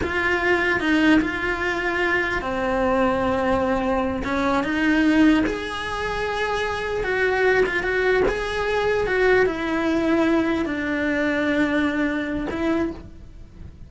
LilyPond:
\new Staff \with { instrumentName = "cello" } { \time 4/4 \tempo 4 = 149 f'2 dis'4 f'4~ | f'2 c'2~ | c'2~ c'8 cis'4 dis'8~ | dis'4. gis'2~ gis'8~ |
gis'4. fis'4. f'8 fis'8~ | fis'8 gis'2 fis'4 e'8~ | e'2~ e'8 d'4.~ | d'2. e'4 | }